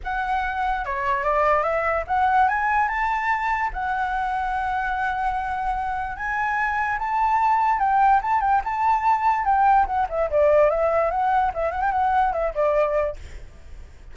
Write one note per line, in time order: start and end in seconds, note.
0.03 0.85 F#5
0.85 1.23 C#5
1.23 1.63 D5
1.63 2.04 E5
2.07 2.48 F#5
2.48 2.88 G#5
2.88 3.70 A5
3.73 6.16 F#5
6.16 6.98 G#5
6.99 7.79 A5
7.79 8.20 G5
8.22 8.40 A5
8.40 8.61 G5
8.64 9.44 A5
9.44 9.86 G5
9.86 10.06 F#5
10.09 10.29 E5
10.30 10.70 D5
10.70 11.10 E5
11.10 11.51 F#5
11.53 11.71 E5
11.71 11.81 F#5
11.81 11.91 G5
11.91 12.32 F#5
12.33 12.53 E5
12.54 13.16 D5